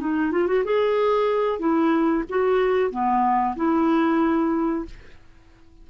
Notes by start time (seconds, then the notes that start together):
0.00 D#4
0.32 F4
0.48 F#4
0.65 G#4
1.59 E4
2.29 F#4
2.91 B3
3.56 E4